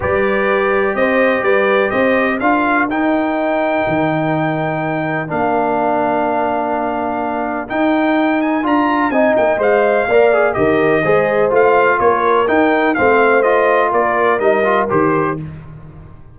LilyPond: <<
  \new Staff \with { instrumentName = "trumpet" } { \time 4/4 \tempo 4 = 125 d''2 dis''4 d''4 | dis''4 f''4 g''2~ | g''2. f''4~ | f''1 |
g''4. gis''8 ais''4 gis''8 g''8 | f''2 dis''2 | f''4 cis''4 g''4 f''4 | dis''4 d''4 dis''4 c''4 | }
  \new Staff \with { instrumentName = "horn" } { \time 4/4 b'2 c''4 b'4 | c''4 ais'2.~ | ais'1~ | ais'1~ |
ais'2. dis''4~ | dis''4 d''4 ais'4 c''4~ | c''4 ais'2 c''4~ | c''4 ais'2. | }
  \new Staff \with { instrumentName = "trombone" } { \time 4/4 g'1~ | g'4 f'4 dis'2~ | dis'2. d'4~ | d'1 |
dis'2 f'4 dis'4 | c''4 ais'8 gis'8 g'4 gis'4 | f'2 dis'4 c'4 | f'2 dis'8 f'8 g'4 | }
  \new Staff \with { instrumentName = "tuba" } { \time 4/4 g2 c'4 g4 | c'4 d'4 dis'2 | dis2. ais4~ | ais1 |
dis'2 d'4 c'8 ais8 | gis4 ais4 dis4 gis4 | a4 ais4 dis'4 a4~ | a4 ais4 g4 dis4 | }
>>